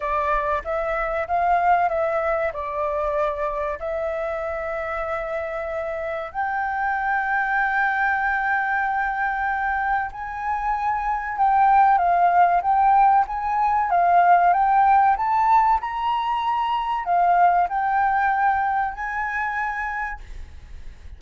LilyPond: \new Staff \with { instrumentName = "flute" } { \time 4/4 \tempo 4 = 95 d''4 e''4 f''4 e''4 | d''2 e''2~ | e''2 g''2~ | g''1 |
gis''2 g''4 f''4 | g''4 gis''4 f''4 g''4 | a''4 ais''2 f''4 | g''2 gis''2 | }